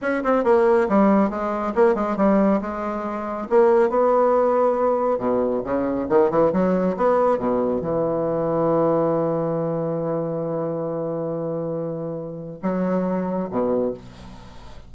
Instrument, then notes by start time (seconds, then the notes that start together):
bassoon
0.01 C#4
0.23 C4
0.44 A#3
0.88 G3
1.29 G#3
1.75 A#3
1.95 G#3
2.16 G3
2.61 G#3
3.49 A#3
3.89 B3
5.18 B2
5.63 C#3
6.09 D#3
6.30 E3
6.53 F#3
6.97 B3
7.38 B2
7.81 E3
12.62 F#3
13.50 B2